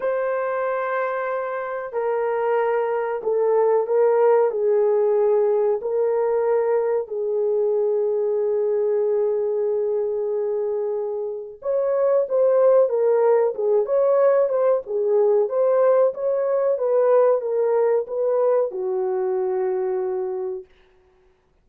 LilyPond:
\new Staff \with { instrumentName = "horn" } { \time 4/4 \tempo 4 = 93 c''2. ais'4~ | ais'4 a'4 ais'4 gis'4~ | gis'4 ais'2 gis'4~ | gis'1~ |
gis'2 cis''4 c''4 | ais'4 gis'8 cis''4 c''8 gis'4 | c''4 cis''4 b'4 ais'4 | b'4 fis'2. | }